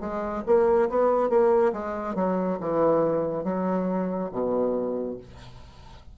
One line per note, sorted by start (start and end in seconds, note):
0.00 0.43 G#3
0.46 0.89 A#3
0.89 1.29 B3
1.29 1.72 A#3
1.73 2.15 G#3
2.15 2.58 F#3
2.60 3.44 E3
3.44 4.30 F#3
4.32 5.17 B2